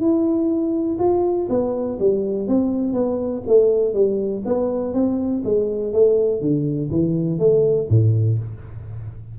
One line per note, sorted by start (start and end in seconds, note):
0.00 0.98 E4
0.99 1.48 F4
1.49 1.98 B3
1.99 2.48 G3
2.48 2.93 C4
2.93 3.42 B3
3.47 3.93 A3
3.93 4.43 G3
4.45 4.94 B3
4.94 5.43 C4
5.44 5.93 G#3
5.93 6.40 A3
6.40 6.90 D3
6.90 7.39 E3
7.39 7.88 A3
7.89 8.38 A2